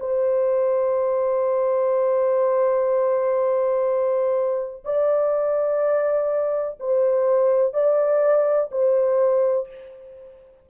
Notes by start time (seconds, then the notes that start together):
0.00 C5
4.85 D5
6.80 C5
7.74 D5
8.72 C5